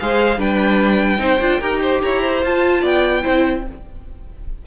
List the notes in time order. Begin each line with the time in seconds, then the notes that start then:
0.00 G#3 G#4 C5 F5
0.38 G3 D4 B4 G5
1.18 C4 D#4 C5
1.40 D4 F4
1.60 D#4 G4 A#4
1.82 C5
2.02 E4 C#5 A#5
2.22 C5
2.43 F4 A5
2.82 B3 D5 G5
3.22 C4 E4 C5